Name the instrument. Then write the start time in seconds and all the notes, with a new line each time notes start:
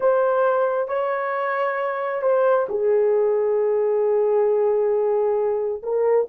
horn
0.00 C5
0.88 C#5
2.22 C5
2.68 G#4
5.82 A#4